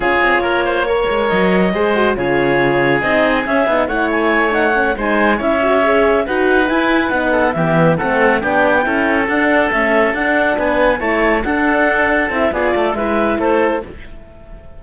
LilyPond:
<<
  \new Staff \with { instrumentName = "clarinet" } { \time 4/4 \tempo 4 = 139 cis''2. dis''4~ | dis''4 cis''2 dis''4 | e''4 fis''8 gis''4 fis''4 gis''8~ | gis''8 e''2 fis''4 gis''8~ |
gis''8 fis''4 e''4 fis''4 g''8~ | g''4. fis''4 e''4 fis''8~ | fis''8 gis''4 a''4 fis''4.~ | fis''8 e''8 d''4 e''4 c''4 | }
  \new Staff \with { instrumentName = "oboe" } { \time 4/4 gis'4 ais'8 c''8 cis''2 | c''4 gis'2.~ | gis'4 cis''2~ cis''8 c''8~ | c''8 cis''2 b'4.~ |
b'4 a'8 g'4 a'4 g'8~ | g'8 a'2.~ a'8~ | a'8 b'4 cis''4 a'4.~ | a'4 gis'8 a'8 b'4 a'4 | }
  \new Staff \with { instrumentName = "horn" } { \time 4/4 f'2 ais'2 | gis'8 fis'8 f'2 dis'4 | cis'8 dis'8 e'4. dis'8 cis'8 dis'8~ | dis'8 e'8 fis'8 gis'4 fis'4 e'8~ |
e'8 dis'4 b4 c'4 d'8~ | d'8 e'4 d'4 a4 d'8~ | d'4. e'4 d'4.~ | d'8 e'8 f'4 e'2 | }
  \new Staff \with { instrumentName = "cello" } { \time 4/4 cis'8 c'8 ais4. gis8 fis4 | gis4 cis2 c'4 | cis'8 b8 a2~ a8 gis8~ | gis8 cis'2 dis'4 e'8~ |
e'8 b4 e4 a4 b8~ | b8 cis'4 d'4 cis'4 d'8~ | d'8 b4 a4 d'4.~ | d'8 c'8 b8 a8 gis4 a4 | }
>>